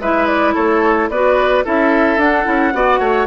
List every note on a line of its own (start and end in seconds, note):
0.00 0.55 G#3
0.00 1.12 E4
0.00 0.54 B4
0.00 0.27 E5
0.27 0.54 D5
0.54 1.10 A3
0.54 1.09 A4
0.54 1.10 C#5
1.10 1.64 B3
1.10 1.64 F#4
1.10 1.65 B4
1.10 1.65 D5
1.64 2.17 C#4
1.64 2.19 E4
1.64 2.74 A4
1.64 2.20 E5
2.17 2.45 D4
2.17 3.27 F#5
2.45 2.74 C#4
2.45 2.72 E4
2.73 3.00 B3
2.73 3.27 F#4
2.73 3.00 D5
3.00 3.27 A3
3.00 3.27 C#5